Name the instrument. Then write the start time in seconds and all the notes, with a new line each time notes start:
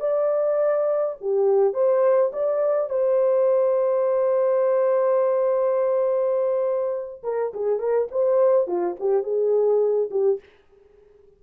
horn
0.00 D5
1.21 G4
1.74 C5
2.33 D5
2.90 C5
7.23 A#4
7.54 G#4
7.79 A#4
8.11 C5
8.67 F4
8.99 G4
9.23 G#4
10.11 G4